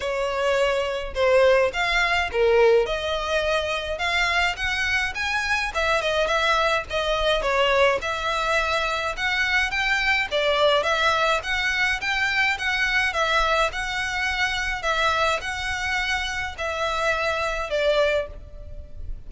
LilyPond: \new Staff \with { instrumentName = "violin" } { \time 4/4 \tempo 4 = 105 cis''2 c''4 f''4 | ais'4 dis''2 f''4 | fis''4 gis''4 e''8 dis''8 e''4 | dis''4 cis''4 e''2 |
fis''4 g''4 d''4 e''4 | fis''4 g''4 fis''4 e''4 | fis''2 e''4 fis''4~ | fis''4 e''2 d''4 | }